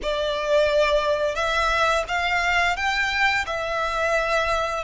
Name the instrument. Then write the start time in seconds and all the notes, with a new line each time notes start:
violin
0.02 D5
1.35 E5
2.08 F5
2.76 G5
3.46 E5